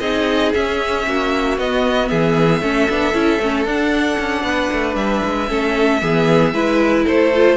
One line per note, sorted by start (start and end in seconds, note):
0.00 0.52 C4
0.00 0.54 D#4
0.00 1.06 G#4
0.00 0.52 D#5
0.54 1.58 C#4
0.54 1.07 C#4
0.54 1.59 E5
1.07 1.58 A#3
1.07 2.10 F#4
1.58 2.10 B3
1.58 2.62 B3
1.58 2.08 D#5
2.08 2.62 E3
2.08 2.62 G#4
2.08 3.65 E5
2.62 2.88 A3
2.62 2.89 C#4
2.62 4.45 A4
2.89 3.14 B3
2.89 3.14 D4
3.14 3.40 C#4
3.14 3.40 E4
3.40 3.65 A3
3.40 3.66 C#4
3.65 4.17 D4
3.65 5.48 D4
3.65 4.96 F#5
4.19 4.43 C#4
4.43 4.69 B3
4.43 5.50 B4
4.73 4.96 A3
4.96 5.22 G3
4.96 7.04 E5
5.25 5.50 G#3
5.48 6.02 A3
5.48 6.01 C#4
5.48 6.02 A4
6.02 6.53 E3
6.02 6.54 B3
6.02 6.54 G#4
6.53 7.06 G#3
6.53 7.33 E4
6.53 7.05 B4
7.05 7.58 A3
7.05 7.57 A4
7.05 7.58 C5
7.35 7.58 F4